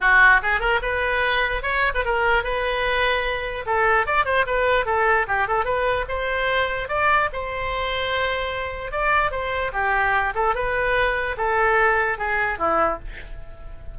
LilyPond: \new Staff \with { instrumentName = "oboe" } { \time 4/4 \tempo 4 = 148 fis'4 gis'8 ais'8 b'2 | cis''8. b'16 ais'4 b'2~ | b'4 a'4 d''8 c''8 b'4 | a'4 g'8 a'8 b'4 c''4~ |
c''4 d''4 c''2~ | c''2 d''4 c''4 | g'4. a'8 b'2 | a'2 gis'4 e'4 | }